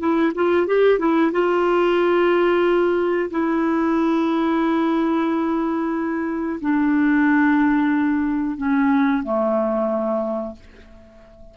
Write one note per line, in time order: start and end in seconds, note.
0.00 0.33 E4
0.35 0.67 F4
0.67 0.99 G4
0.99 1.32 E4
1.32 3.30 F4
3.31 6.61 E4
6.61 8.58 D4
8.58 9.24 C#4
9.24 10.56 A3